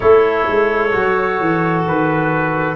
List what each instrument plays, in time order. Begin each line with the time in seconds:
0.00 tuba A3, trombone E4, clarinet A4, trumpet C#5
0.48 tuba G#3
0.91 tuba F#3, trombone F#4
1.40 tuba E3
1.86 tuba D#3, trumpet B4